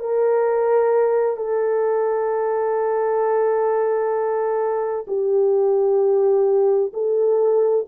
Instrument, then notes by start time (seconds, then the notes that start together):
horn
0.00 A#4
1.37 A4
5.08 G4
6.94 A4